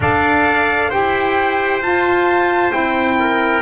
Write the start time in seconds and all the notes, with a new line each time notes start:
0.00 D4 A4 D5 F5
0.89 E4 G4 C5 G5
1.81 F4 A5
2.70 C4 E4 G5
3.19 A#4